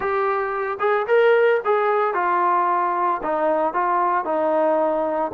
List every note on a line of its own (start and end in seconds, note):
0.00 0.78 G4
0.79 1.06 G#4
1.07 1.60 A#4
1.65 2.14 G#4
2.14 3.21 F4
3.23 3.73 D#4
3.73 4.24 F4
4.24 5.31 D#4